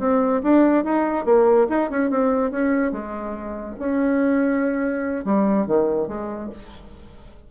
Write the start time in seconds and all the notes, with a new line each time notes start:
0.00 C4
0.43 D4
0.85 D#4
1.26 A#3
1.70 D#4
1.91 C#4
2.11 C4
2.52 C#4
2.92 G#3
3.80 C#4
5.25 G3
5.67 D#3
6.08 G#3